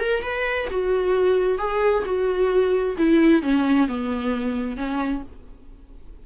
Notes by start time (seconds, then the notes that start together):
0.00 A#4
0.23 B4
0.70 F#4
1.58 G#4
2.05 F#4
2.98 E4
3.42 C#4
3.88 B3
4.77 C#4